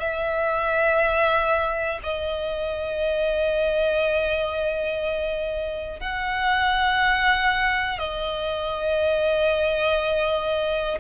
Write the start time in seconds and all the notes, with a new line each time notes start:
0.00 E5
2.04 D#5
6.01 F#5
7.99 D#5